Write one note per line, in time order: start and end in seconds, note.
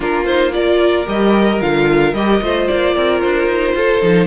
0.00 1.06 A#3
0.00 0.27 D4
0.00 0.53 F4
0.00 0.25 A#4
0.25 0.52 D#4
0.25 0.51 C5
0.52 1.05 F4
0.52 2.43 A#4
0.52 1.06 D5
1.06 1.61 G3
1.06 1.59 G4
1.06 1.61 D#5
1.61 2.13 D3
1.61 2.14 F4
1.61 2.14 F5
2.13 2.40 G3
2.13 2.42 G4
2.13 2.67 D#5
2.41 2.68 A3
2.41 4.01 F4
2.41 2.94 C5
2.67 2.96 A#3
2.67 3.20 D5
2.94 3.22 C4
2.94 3.74 A#4
3.20 3.46 D4
3.20 4.26 C5
3.46 3.73 D#4
3.74 4.01 F4
3.74 4.26 A4
4.01 4.26 F3
4.01 4.26 D#4